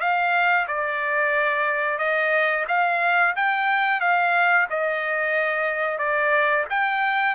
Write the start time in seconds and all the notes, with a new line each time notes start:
0.00 F5
0.68 D5
1.99 D#5
2.68 F5
3.36 G5
4.01 F5
4.70 D#5
5.99 D5
6.70 G5